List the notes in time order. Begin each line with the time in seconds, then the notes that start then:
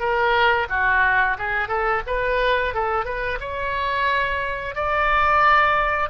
0.00 A#4
0.70 F#4
1.39 G#4
1.69 A4
2.07 B4
2.75 A4
3.06 B4
3.40 C#5
4.75 D5